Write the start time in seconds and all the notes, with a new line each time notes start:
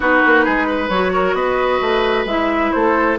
0.00 B3 D#4 F#4 B4
0.25 A#3
0.44 G#3 G#4
0.66 B4
0.89 F#3 F#4 C#5
1.13 A#4
1.33 B3 B4 D#5
1.81 A3
2.25 G#3 E4 E5
2.71 A3 A4 C5